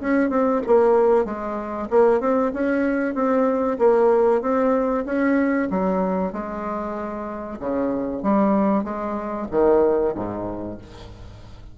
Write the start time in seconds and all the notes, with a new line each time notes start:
0.00 C#4
0.30 C4
0.66 A#3
1.25 G#3
1.90 A#3
2.20 C4
2.53 C#4
3.15 C4
3.78 A#3
4.41 C4
5.05 C#4
5.70 F#3
6.32 G#3
7.59 C#3
8.22 G3
8.84 G#3
9.51 D#3
10.14 G#2